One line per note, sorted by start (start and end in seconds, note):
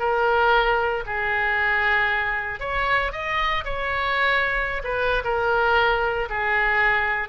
0.00 1.04 A#4
1.07 2.60 G#4
2.60 3.13 C#5
3.13 3.65 D#5
3.65 4.83 C#5
4.84 5.23 B4
5.25 6.29 A#4
6.30 7.29 G#4